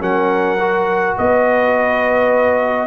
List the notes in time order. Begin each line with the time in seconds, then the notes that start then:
0.00 F#3 C#4 A#4 F#5
0.59 F#4
1.17 B3 B4 D#5